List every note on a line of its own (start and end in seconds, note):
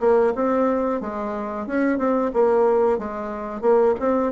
0.00 0.33 A#3
0.35 1.01 C4
1.01 1.67 G#3
1.67 1.98 C#4
1.98 2.31 C4
2.33 2.98 A#3
2.98 3.61 G#3
3.61 3.94 A#3
4.00 4.32 C4